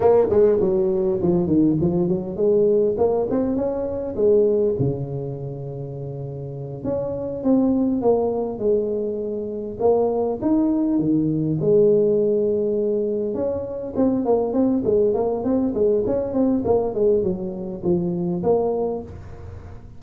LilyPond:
\new Staff \with { instrumentName = "tuba" } { \time 4/4 \tempo 4 = 101 ais8 gis8 fis4 f8 dis8 f8 fis8 | gis4 ais8 c'8 cis'4 gis4 | cis2.~ cis8 cis'8~ | cis'8 c'4 ais4 gis4.~ |
gis8 ais4 dis'4 dis4 gis8~ | gis2~ gis8 cis'4 c'8 | ais8 c'8 gis8 ais8 c'8 gis8 cis'8 c'8 | ais8 gis8 fis4 f4 ais4 | }